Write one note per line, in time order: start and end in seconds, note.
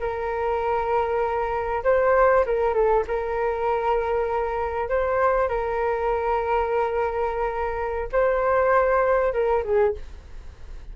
0.00 1.84 A#4
1.84 2.45 C5
2.46 2.74 A#4
2.74 3.04 A4
3.08 4.89 A#4
4.89 5.49 C5
5.49 8.09 A#4
8.13 9.33 C5
9.33 9.64 A#4
9.64 9.95 G#4